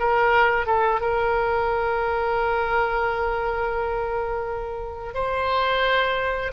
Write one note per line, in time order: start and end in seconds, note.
0.00 0.67 A#4
0.67 1.01 A4
1.01 5.15 A#4
5.15 6.53 C5